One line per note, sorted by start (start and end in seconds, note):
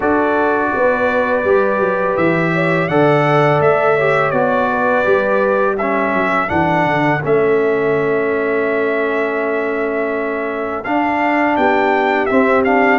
0.00 0.72 D4
0.00 1.44 F#4
0.00 0.70 A4
0.00 2.16 D5
0.74 1.44 B3
0.74 2.53 B4
1.44 1.79 G3
1.44 2.89 G4
1.79 2.16 F#3
2.16 2.88 E3
2.16 2.88 E5
2.53 2.88 C#5
2.88 3.60 D3
2.88 3.98 A4
2.88 3.95 D5
2.88 3.60 F#5
3.60 4.32 A3
3.60 4.31 E5
3.95 4.33 G4
3.95 4.68 C#5
4.31 5.04 B3
4.31 5.04 F#4
4.31 5.75 D5
4.70 5.75 B4
5.04 6.13 G3
5.04 5.77 G4
5.75 11.53 A4
5.75 6.49 E5
5.81 6.47 C#4
6.13 6.50 F#3
6.47 6.85 E3
6.47 7.19 D4
6.47 7.21 F#5
6.85 7.22 D3
7.22 10.85 A3
7.22 10.84 C#4
7.22 10.83 E5
10.83 12.29 D4
10.83 11.57 D4
10.83 11.56 F5
11.56 12.29 B3
11.56 12.99 G4
11.56 12.26 G5
12.26 12.65 C4
12.26 12.99 C4
12.26 12.62 E5
12.64 12.99 D4
12.64 12.99 F5